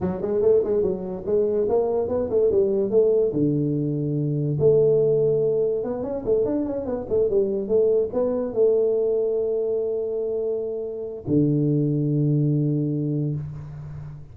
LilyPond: \new Staff \with { instrumentName = "tuba" } { \time 4/4 \tempo 4 = 144 fis8 gis8 a8 gis8 fis4 gis4 | ais4 b8 a8 g4 a4 | d2. a4~ | a2 b8 cis'8 a8 d'8 |
cis'8 b8 a8 g4 a4 b8~ | b8 a2.~ a8~ | a2. d4~ | d1 | }